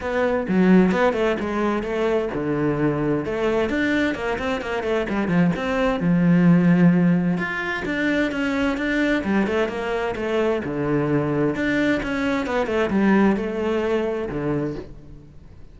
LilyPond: \new Staff \with { instrumentName = "cello" } { \time 4/4 \tempo 4 = 130 b4 fis4 b8 a8 gis4 | a4 d2 a4 | d'4 ais8 c'8 ais8 a8 g8 f8 | c'4 f2. |
f'4 d'4 cis'4 d'4 | g8 a8 ais4 a4 d4~ | d4 d'4 cis'4 b8 a8 | g4 a2 d4 | }